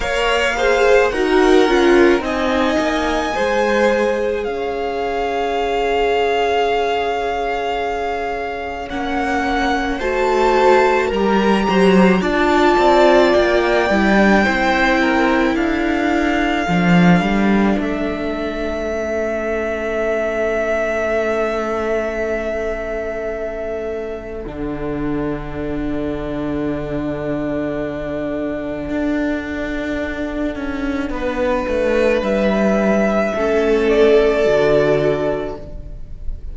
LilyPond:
<<
  \new Staff \with { instrumentName = "violin" } { \time 4/4 \tempo 4 = 54 f''4 fis''4 gis''2 | f''1 | fis''4 a''4 ais''4 a''4 | g''2 f''2 |
e''1~ | e''2 fis''2~ | fis''1~ | fis''4 e''4. d''4. | }
  \new Staff \with { instrumentName = "violin" } { \time 4/4 cis''8 c''8 ais'4 dis''4 c''4 | cis''1~ | cis''4 c''4 ais'8 c''8 d''4~ | d''4 c''8 ais'8 a'2~ |
a'1~ | a'1~ | a'1 | b'2 a'2 | }
  \new Staff \with { instrumentName = "viola" } { \time 4/4 ais'8 gis'8 fis'8 f'8 dis'4 gis'4~ | gis'1 | cis'4 fis'4 g'4 f'4~ | f'8 e'16 d'16 e'2 d'4~ |
d'4 cis'2.~ | cis'2 d'2~ | d'1~ | d'2 cis'4 fis'4 | }
  \new Staff \with { instrumentName = "cello" } { \time 4/4 ais4 dis'8 cis'8 c'8 ais8 gis4 | cis'1 | ais4 a4 g8 fis8 d'8 c'8 | ais8 g8 c'4 d'4 f8 g8 |
a1~ | a2 d2~ | d2 d'4. cis'8 | b8 a8 g4 a4 d4 | }
>>